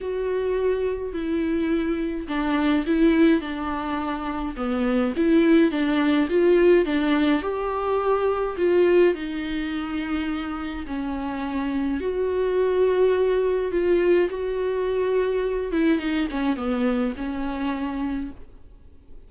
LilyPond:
\new Staff \with { instrumentName = "viola" } { \time 4/4 \tempo 4 = 105 fis'2 e'2 | d'4 e'4 d'2 | b4 e'4 d'4 f'4 | d'4 g'2 f'4 |
dis'2. cis'4~ | cis'4 fis'2. | f'4 fis'2~ fis'8 e'8 | dis'8 cis'8 b4 cis'2 | }